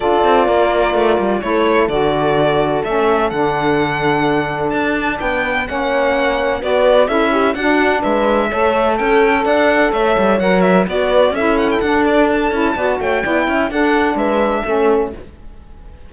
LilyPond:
<<
  \new Staff \with { instrumentName = "violin" } { \time 4/4 \tempo 4 = 127 d''2. cis''4 | d''2 e''4 fis''4~ | fis''2 a''4 g''4 | fis''2 d''4 e''4 |
fis''4 e''2 g''4 | fis''4 e''4 fis''8 e''8 d''4 | e''8 fis''16 g''16 fis''8 d''8 a''4. g''8~ | g''4 fis''4 e''2 | }
  \new Staff \with { instrumentName = "horn" } { \time 4/4 a'4 ais'2 a'4~ | a'1~ | a'2. b'4 | cis''2 b'4 a'8 g'8 |
fis'4 b'4 cis''4 a'4 | d''4 cis''2 b'4 | a'2. d''8 cis''8 | d''8 e''8 a'4 b'4 a'4 | }
  \new Staff \with { instrumentName = "saxophone" } { \time 4/4 f'2. e'4 | fis'2 cis'4 d'4~ | d'1 | cis'2 fis'4 e'4 |
d'2 a'2~ | a'2 ais'4 fis'4 | e'4 d'4. e'8 fis'4 | e'4 d'2 cis'4 | }
  \new Staff \with { instrumentName = "cello" } { \time 4/4 d'8 c'8 ais4 a8 g8 a4 | d2 a4 d4~ | d2 d'4 b4 | ais2 b4 cis'4 |
d'4 gis4 a4 cis'4 | d'4 a8 g8 fis4 b4 | cis'4 d'4. cis'8 b8 a8 | b8 cis'8 d'4 gis4 a4 | }
>>